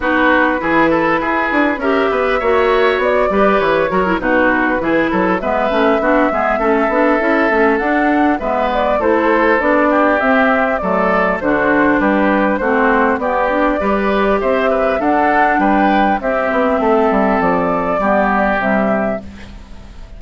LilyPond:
<<
  \new Staff \with { instrumentName = "flute" } { \time 4/4 \tempo 4 = 100 b'2. e''4~ | e''4 d''4 cis''4 b'4~ | b'4 e''2.~ | e''4 fis''4 e''8 d''8 c''4 |
d''4 e''4 d''4 c''4 | b'4 c''4 d''2 | e''4 fis''4 g''4 e''4~ | e''4 d''2 e''4 | }
  \new Staff \with { instrumentName = "oboe" } { \time 4/4 fis'4 gis'8 a'8 gis'4 ais'8 b'8 | cis''4. b'4 ais'8 fis'4 | gis'8 a'8 b'4 fis'8 gis'8 a'4~ | a'2 b'4 a'4~ |
a'8 g'4. a'4 fis'4 | g'4 fis'4 g'4 b'4 | c''8 b'8 a'4 b'4 g'4 | a'2 g'2 | }
  \new Staff \with { instrumentName = "clarinet" } { \time 4/4 dis'4 e'2 g'4 | fis'4. g'4 fis'16 e'16 dis'4 | e'4 b8 cis'8 d'8 b8 cis'8 d'8 | e'8 cis'8 d'4 b4 e'4 |
d'4 c'4 a4 d'4~ | d'4 c'4 b8 d'8 g'4~ | g'4 d'2 c'4~ | c'2 b4 g4 | }
  \new Staff \with { instrumentName = "bassoon" } { \time 4/4 b4 e4 e'8 d'8 cis'8 b8 | ais4 b8 g8 e8 fis8 b,4 | e8 fis8 gis8 a8 b8 gis8 a8 b8 | cis'8 a8 d'4 gis4 a4 |
b4 c'4 fis4 d4 | g4 a4 b4 g4 | c'4 d'4 g4 c'8 b8 | a8 g8 f4 g4 c4 | }
>>